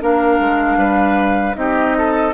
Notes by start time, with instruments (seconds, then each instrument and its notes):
0.00 bassoon A#3, clarinet D4, oboe A#4, flute F5
0.39 bassoon G#3
0.76 bassoon G3, oboe B4
1.54 bassoon C4, clarinet D#4, oboe G4, flute D#5
1.97 oboe A4